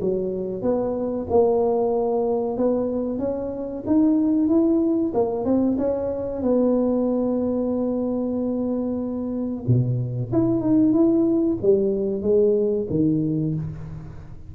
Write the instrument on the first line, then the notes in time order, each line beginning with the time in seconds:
tuba
0.00 F#3
0.62 B3
1.30 A#3
2.57 B3
3.18 C#4
3.86 D#4
4.48 E4
5.14 A#3
5.44 C4
5.78 C#4
6.41 B3
9.67 B2
10.32 E4
10.60 D#4
10.92 E4
11.62 G3
12.22 G#3
12.90 D#3